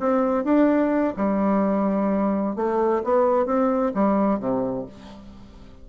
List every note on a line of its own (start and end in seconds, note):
0.00 0.45 C4
0.45 1.15 D4
1.17 2.56 G3
2.56 3.03 A3
3.04 3.46 B3
3.46 3.93 C4
3.95 4.40 G3
4.40 4.86 C3